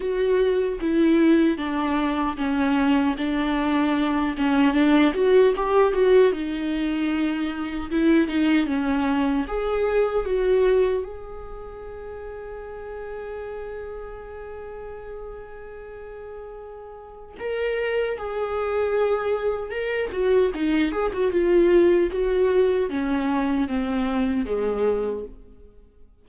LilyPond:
\new Staff \with { instrumentName = "viola" } { \time 4/4 \tempo 4 = 76 fis'4 e'4 d'4 cis'4 | d'4. cis'8 d'8 fis'8 g'8 fis'8 | dis'2 e'8 dis'8 cis'4 | gis'4 fis'4 gis'2~ |
gis'1~ | gis'2 ais'4 gis'4~ | gis'4 ais'8 fis'8 dis'8 gis'16 fis'16 f'4 | fis'4 cis'4 c'4 gis4 | }